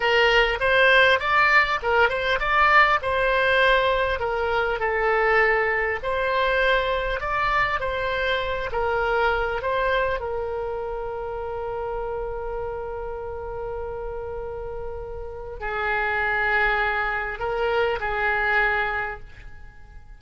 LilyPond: \new Staff \with { instrumentName = "oboe" } { \time 4/4 \tempo 4 = 100 ais'4 c''4 d''4 ais'8 c''8 | d''4 c''2 ais'4 | a'2 c''2 | d''4 c''4. ais'4. |
c''4 ais'2.~ | ais'1~ | ais'2 gis'2~ | gis'4 ais'4 gis'2 | }